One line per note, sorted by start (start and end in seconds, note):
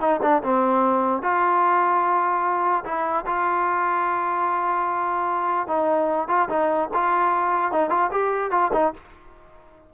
0.00 0.20 D#4
0.22 0.42 D4
0.43 1.22 C4
1.22 2.84 F4
2.85 3.25 E4
3.26 5.67 F4
5.67 6.28 D#4
6.28 6.48 F4
6.49 6.90 D#4
6.94 7.72 F4
7.72 7.90 D#4
7.90 8.10 F4
8.11 8.51 G4
8.51 8.71 F4
8.73 8.93 D#4